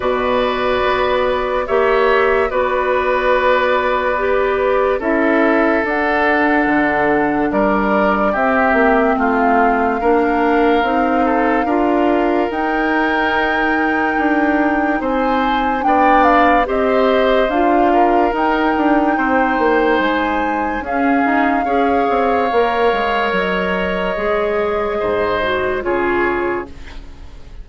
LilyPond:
<<
  \new Staff \with { instrumentName = "flute" } { \time 4/4 \tempo 4 = 72 d''2 e''4 d''4~ | d''2 e''4 fis''4~ | fis''4 d''4 e''4 f''4~ | f''2. g''4~ |
g''2 gis''4 g''8 f''8 | dis''4 f''4 g''2 | gis''4 f''2. | dis''2. cis''4 | }
  \new Staff \with { instrumentName = "oboe" } { \time 4/4 b'2 cis''4 b'4~ | b'2 a'2~ | a'4 ais'4 g'4 f'4 | ais'4. a'8 ais'2~ |
ais'2 c''4 d''4 | c''4. ais'4. c''4~ | c''4 gis'4 cis''2~ | cis''2 c''4 gis'4 | }
  \new Staff \with { instrumentName = "clarinet" } { \time 4/4 fis'2 g'4 fis'4~ | fis'4 g'4 e'4 d'4~ | d'2 c'2 | d'4 dis'4 f'4 dis'4~ |
dis'2. d'4 | g'4 f'4 dis'2~ | dis'4 cis'4 gis'4 ais'4~ | ais'4 gis'4. fis'8 f'4 | }
  \new Staff \with { instrumentName = "bassoon" } { \time 4/4 b,4 b4 ais4 b4~ | b2 cis'4 d'4 | d4 g4 c'8 ais8 a4 | ais4 c'4 d'4 dis'4~ |
dis'4 d'4 c'4 b4 | c'4 d'4 dis'8 d'8 c'8 ais8 | gis4 cis'8 dis'8 cis'8 c'8 ais8 gis8 | fis4 gis4 gis,4 cis4 | }
>>